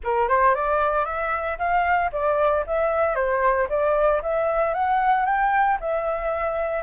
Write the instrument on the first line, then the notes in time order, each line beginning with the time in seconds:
flute
0.03 A#4
0.28 C5
0.54 D5
1.05 E5
1.58 F5
2.12 D5
2.66 E5
3.15 C5
3.69 D5
4.22 E5
4.74 F#5
5.25 G5
5.80 E5